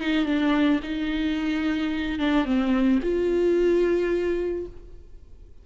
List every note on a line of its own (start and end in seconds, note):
0.00 0.25 D#4
0.25 0.80 D4
0.83 2.19 D#4
2.19 2.45 D4
2.45 2.99 C4
3.02 4.66 F4